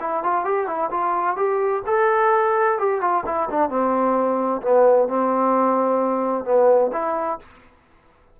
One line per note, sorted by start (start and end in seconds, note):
0.00 0.23 E4
0.23 0.44 F4
0.44 0.67 G4
0.67 0.90 E4
0.90 1.36 F4
1.36 1.82 G4
1.87 2.78 A4
2.78 3.01 G4
3.01 3.24 F4
3.26 3.49 E4
3.50 3.69 D4
3.69 4.61 C4
4.62 5.08 B3
5.08 6.44 C4
6.44 6.91 B3
6.93 7.39 E4